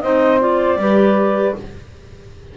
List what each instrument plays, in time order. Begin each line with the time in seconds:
0.00 double bass C4, clarinet D#4 D#5, saxophone C5
0.39 clarinet F4 D5
0.76 double bass G3, clarinet G4, saxophone B4